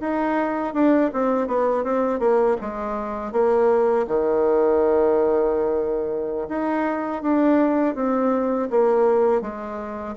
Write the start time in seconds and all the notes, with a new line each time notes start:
0.00 D#4
0.73 D4
1.13 C4
1.47 B3
1.83 C4
2.19 A#3
2.61 G#3
3.32 A#3
4.07 D#3
6.48 D#4
7.22 D4
7.95 C4
8.70 A#3
9.41 G#3